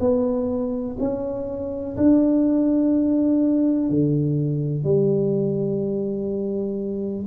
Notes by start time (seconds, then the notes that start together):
0.00 B3
1.00 C#4
1.97 D4
3.90 D3
4.84 G3